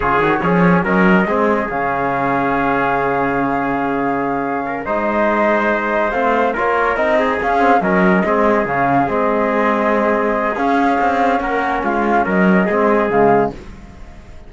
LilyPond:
<<
  \new Staff \with { instrumentName = "flute" } { \time 4/4 \tempo 4 = 142 cis''2 dis''2 | f''1~ | f''2.~ f''8 dis''8~ | dis''2~ dis''8 f''4 cis''8~ |
cis''8 dis''4 f''4 dis''4.~ | dis''8 f''4 dis''2~ dis''8~ | dis''4 f''2 fis''4 | f''4 dis''2 f''4 | }
  \new Staff \with { instrumentName = "trumpet" } { \time 4/4 gis'4 cis'4 ais'4 gis'4~ | gis'1~ | gis'2. ais'8 c''8~ | c''2.~ c''8 ais'8~ |
ais'4 gis'4. ais'4 gis'8~ | gis'1~ | gis'2. ais'4 | f'4 ais'4 gis'2 | }
  \new Staff \with { instrumentName = "trombone" } { \time 4/4 f'8 fis'8 gis'4 cis'4 c'4 | cis'1~ | cis'2.~ cis'8 dis'8~ | dis'2~ dis'8 c'4 f'8~ |
f'8 dis'4 cis'8 c'8 cis'4 c'8~ | c'8 cis'4 c'2~ c'8~ | c'4 cis'2.~ | cis'2 c'4 gis4 | }
  \new Staff \with { instrumentName = "cello" } { \time 4/4 cis8 dis8 f4 fis4 gis4 | cis1~ | cis2.~ cis8 gis8~ | gis2~ gis8 a4 ais8~ |
ais8 c'4 cis'4 fis4 gis8~ | gis8 cis4 gis2~ gis8~ | gis4 cis'4 c'4 ais4 | gis4 fis4 gis4 cis4 | }
>>